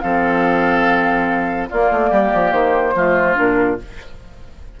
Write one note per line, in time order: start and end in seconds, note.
0.00 1.71 F3
0.00 1.69 C4
0.00 1.69 A4
0.00 1.68 F5
1.69 2.96 A#3
1.69 1.90 A#3
1.69 2.10 F4
1.69 2.52 D5
1.90 2.11 A3
2.10 2.32 G3
2.10 2.94 G4
2.33 2.51 F3
2.51 2.93 D#3
2.51 3.36 C5
2.94 3.36 F3
2.94 3.34 A3
2.94 3.79 F4
3.34 3.80 A#2
3.34 3.76 D4
3.34 3.79 A#4